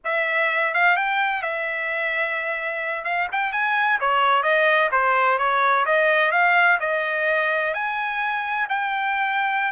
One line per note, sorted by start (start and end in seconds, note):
0.04 0.74 E5
0.74 0.96 F5
0.96 1.42 G5
1.42 3.04 E5
3.04 3.27 F5
3.32 3.52 G5
3.52 3.99 G#5
4.00 4.43 C#5
4.43 4.89 D#5
4.91 5.38 C5
5.38 5.85 C#5
5.85 6.31 D#5
6.31 6.78 F5
6.80 7.73 D#5
7.74 8.67 G#5
8.69 9.72 G5